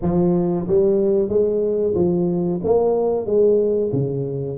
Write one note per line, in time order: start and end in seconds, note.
0.02 0.67 F3
0.67 1.28 G3
1.28 1.94 G#3
1.95 2.60 F3
2.64 3.25 A#3
3.25 3.91 G#3
3.92 4.57 C#3